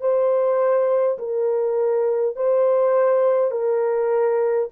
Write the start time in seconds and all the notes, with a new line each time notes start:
0.00 C5
1.18 A#4
2.35 C5
3.51 A#4